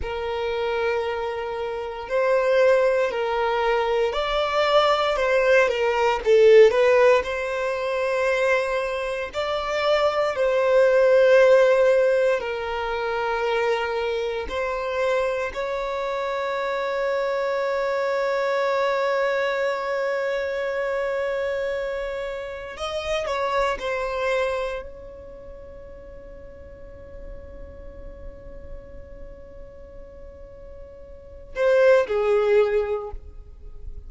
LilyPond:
\new Staff \with { instrumentName = "violin" } { \time 4/4 \tempo 4 = 58 ais'2 c''4 ais'4 | d''4 c''8 ais'8 a'8 b'8 c''4~ | c''4 d''4 c''2 | ais'2 c''4 cis''4~ |
cis''1~ | cis''2 dis''8 cis''8 c''4 | cis''1~ | cis''2~ cis''8 c''8 gis'4 | }